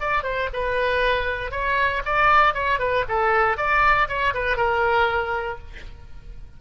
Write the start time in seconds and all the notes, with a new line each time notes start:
0.00 D5
0.23 C5
0.53 B4
1.51 C#5
2.05 D5
2.54 C#5
2.79 B4
3.08 A4
3.57 D5
4.08 C#5
4.34 B4
4.57 A#4